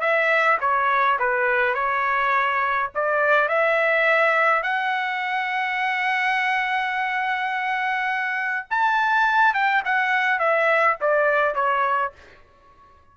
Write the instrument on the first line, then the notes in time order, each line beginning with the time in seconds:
trumpet
0.00 E5
0.60 C#5
1.19 B4
1.74 C#5
2.94 D5
3.48 E5
4.62 F#5
8.70 A5
9.54 G5
9.84 F#5
10.39 E5
11.00 D5
11.54 C#5